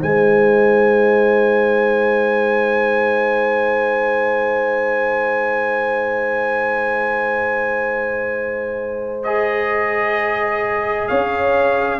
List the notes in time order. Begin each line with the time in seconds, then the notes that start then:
0.00 G#3 D#4 C5 G#5
9.23 G#4 D#5
11.08 C#4 C#5 F5